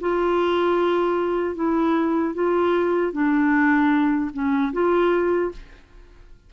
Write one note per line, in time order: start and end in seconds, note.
0.00 1.55 F4
1.55 2.34 E4
2.34 3.12 F4
3.12 4.31 D4
4.33 4.72 C#4
4.73 5.52 F4